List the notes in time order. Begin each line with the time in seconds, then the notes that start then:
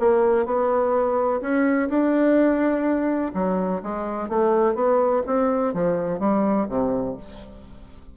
0.00 A#3
0.46 B3
1.42 C#4
1.89 D4
3.34 F#3
3.83 G#3
4.29 A3
4.75 B3
5.27 C4
5.74 F3
6.19 G3
6.69 C3